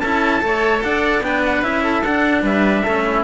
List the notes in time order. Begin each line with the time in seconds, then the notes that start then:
0.00 C#4 E4 A4 A5
0.41 A3 A4 C#5
0.83 D4 D5 F#5
1.21 B3 D4 B4 G5
1.45 F#5
1.62 C#4 E4 E5
1.83 A4
2.03 D4 F#5
2.42 G3 B4 E5
2.82 A3 C#4 A4
3.05 E4